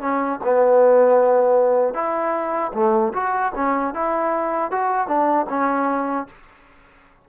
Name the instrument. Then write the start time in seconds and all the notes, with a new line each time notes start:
trombone
0.00 C#4
0.44 B3
1.93 E4
2.73 A3
3.13 F#4
3.55 C#4
3.94 E4
4.71 F#4
5.07 D4
5.49 C#4